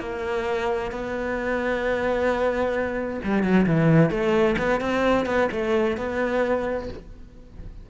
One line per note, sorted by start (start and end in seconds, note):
0.00 0.92 A#3
0.92 3.21 B3
3.24 3.43 G3
3.43 3.66 F#3
3.66 4.10 E3
4.10 4.56 A3
4.58 4.81 B3
4.81 5.26 C4
5.26 5.49 B3
5.52 5.97 A3
5.97 6.89 B3